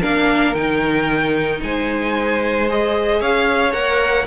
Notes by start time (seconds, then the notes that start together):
0.00 A#3 D4 A#4 F5
0.54 D#3 D#4 G5
1.62 G#3 C5 G#5
2.68 G#4 D#5
3.20 C#4 C#5 F5
3.72 A#3 A#4 F#5